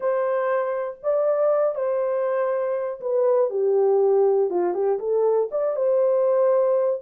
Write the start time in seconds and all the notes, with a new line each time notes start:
0.00 C5
1.02 D5
1.75 C5
3.00 B4
3.50 G4
4.50 F4
4.73 G4
4.99 A4
5.51 D5
5.75 C5